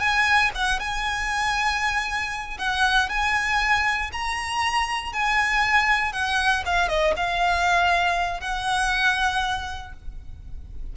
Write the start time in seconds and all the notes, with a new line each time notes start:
0.00 G#5
0.55 F#5
0.80 G#5
2.58 F#5
3.09 G#5
4.12 A#5
5.13 G#5
6.12 F#5
6.66 F5
6.89 D#5
7.16 F5
8.40 F#5